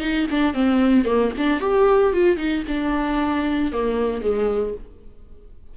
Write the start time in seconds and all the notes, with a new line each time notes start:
0.00 D#4
0.30 D4
0.54 C4
1.05 A#3
1.37 D4
1.60 G4
2.13 F4
2.37 D#4
2.67 D4
3.72 A#3
4.21 G#3